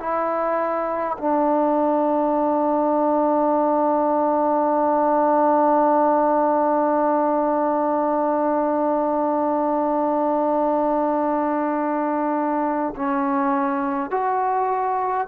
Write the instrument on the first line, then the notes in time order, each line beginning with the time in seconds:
trombone
0.00 E4
1.18 D4
12.96 C#4
14.11 F#4